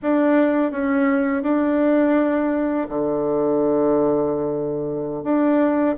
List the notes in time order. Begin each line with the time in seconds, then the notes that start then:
0.02 D4
0.71 C#4
1.43 D4
2.89 D3
5.23 D4